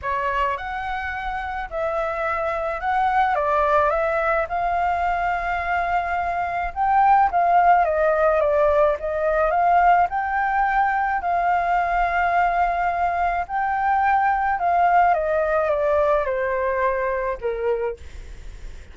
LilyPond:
\new Staff \with { instrumentName = "flute" } { \time 4/4 \tempo 4 = 107 cis''4 fis''2 e''4~ | e''4 fis''4 d''4 e''4 | f''1 | g''4 f''4 dis''4 d''4 |
dis''4 f''4 g''2 | f''1 | g''2 f''4 dis''4 | d''4 c''2 ais'4 | }